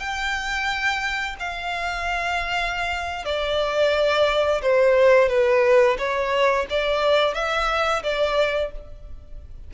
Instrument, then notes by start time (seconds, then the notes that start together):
violin
0.00 G5
1.40 F5
3.25 D5
4.62 C5
5.29 B4
5.98 C#5
6.70 D5
7.35 E5
8.03 D5